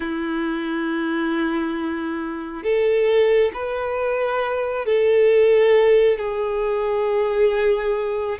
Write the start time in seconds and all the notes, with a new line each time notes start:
0.00 E4
2.63 A4
3.53 B4
4.85 A4
6.18 G#4